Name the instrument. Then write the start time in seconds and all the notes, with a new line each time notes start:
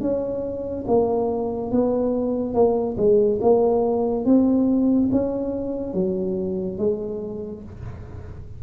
tuba
0.00 C#4
0.87 A#3
1.71 B3
2.54 A#3
2.97 G#3
3.41 A#3
4.25 C4
5.11 C#4
5.93 F#3
6.78 G#3